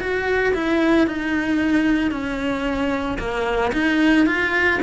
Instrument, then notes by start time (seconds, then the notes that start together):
cello
0.00 F#4
0.54 E4
1.07 D#4
2.11 C#4
3.18 A#3
3.72 D#4
4.26 F4